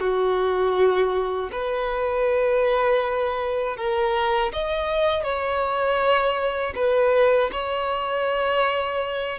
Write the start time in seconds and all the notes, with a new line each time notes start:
0.00 F#4
1.52 B4
3.77 A#4
4.53 D#5
5.24 C#5
6.76 B4
7.52 C#5